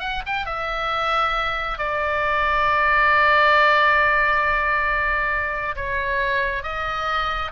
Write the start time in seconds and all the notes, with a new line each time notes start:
0.00 F#5
0.26 G5
0.46 E5
1.78 D5
5.76 C#5
6.63 D#5